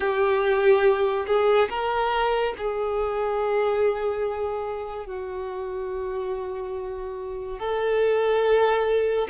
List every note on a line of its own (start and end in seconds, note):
0.00 1.26 G4
1.26 1.69 G#4
1.69 2.54 A#4
2.57 5.06 G#4
5.06 7.59 F#4
7.59 9.28 A4